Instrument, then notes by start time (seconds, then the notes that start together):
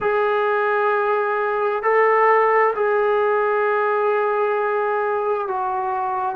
trombone
0.00 G#4
1.83 A4
2.75 G#4
5.47 F#4